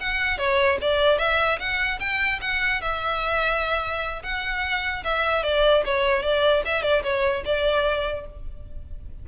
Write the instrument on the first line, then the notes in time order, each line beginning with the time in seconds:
violin
0.00 F#5
0.38 C#5
0.81 D5
1.19 E5
1.59 F#5
2.00 G5
2.41 F#5
2.82 E5
4.23 F#5
5.04 E5
5.43 D5
5.85 C#5
6.23 D5
6.65 E5
6.83 D5
7.03 C#5
7.46 D5